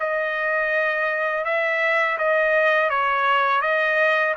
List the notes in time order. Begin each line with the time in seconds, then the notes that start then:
0.00 D#5
1.45 E5
2.19 D#5
2.90 C#5
3.62 D#5